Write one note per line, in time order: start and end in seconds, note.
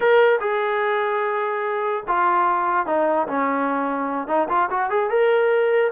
0.00 0.39 A#4
0.40 2.03 G#4
2.07 2.86 F4
2.86 3.27 D#4
3.27 4.27 C#4
4.27 4.47 D#4
4.48 4.69 F4
4.70 4.90 F#4
4.90 5.09 G#4
5.09 5.91 A#4